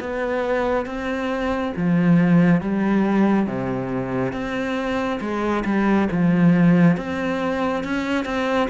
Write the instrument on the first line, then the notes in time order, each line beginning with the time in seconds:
cello
0.00 B3
0.86 C4
1.76 F3
2.61 G3
3.47 C3
4.32 C4
5.21 G#3
5.65 G3
6.11 F3
6.97 C4
7.84 C#4
8.25 C4